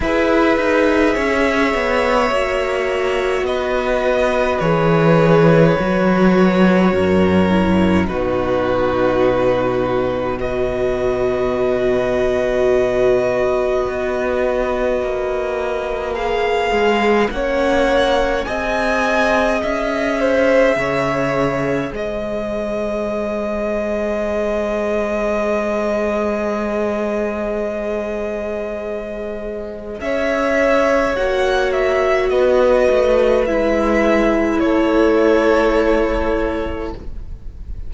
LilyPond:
<<
  \new Staff \with { instrumentName = "violin" } { \time 4/4 \tempo 4 = 52 e''2. dis''4 | cis''2. b'4~ | b'4 dis''2.~ | dis''2 f''4 fis''4 |
gis''4 e''2 dis''4~ | dis''1~ | dis''2 e''4 fis''8 e''8 | dis''4 e''4 cis''2 | }
  \new Staff \with { instrumentName = "violin" } { \time 4/4 b'4 cis''2 b'4~ | b'2 ais'4 fis'4~ | fis'4 b'2.~ | b'2. cis''4 |
dis''4. c''8 cis''4 c''4~ | c''1~ | c''2 cis''2 | b'2 a'2 | }
  \new Staff \with { instrumentName = "viola" } { \time 4/4 gis'2 fis'2 | gis'4 fis'4. e'8 dis'4~ | dis'4 fis'2.~ | fis'2 gis'4 cis'4 |
gis'1~ | gis'1~ | gis'2. fis'4~ | fis'4 e'2. | }
  \new Staff \with { instrumentName = "cello" } { \time 4/4 e'8 dis'8 cis'8 b8 ais4 b4 | e4 fis4 fis,4 b,4~ | b,1 | b4 ais4. gis8 ais4 |
c'4 cis'4 cis4 gis4~ | gis1~ | gis2 cis'4 ais4 | b8 a8 gis4 a2 | }
>>